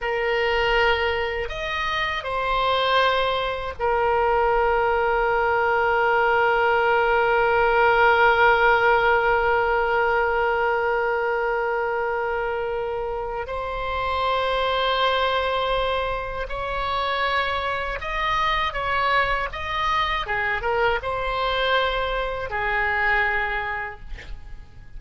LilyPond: \new Staff \with { instrumentName = "oboe" } { \time 4/4 \tempo 4 = 80 ais'2 dis''4 c''4~ | c''4 ais'2.~ | ais'1~ | ais'1~ |
ais'2 c''2~ | c''2 cis''2 | dis''4 cis''4 dis''4 gis'8 ais'8 | c''2 gis'2 | }